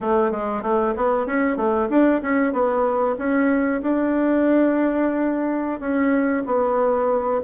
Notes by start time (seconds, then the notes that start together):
0.00 A3
0.31 G#3
0.62 A3
0.96 B3
1.26 C#4
1.56 A3
1.89 D4
2.22 C#4
2.52 B3
3.18 C#4
3.82 D4
5.79 C#4
6.46 B3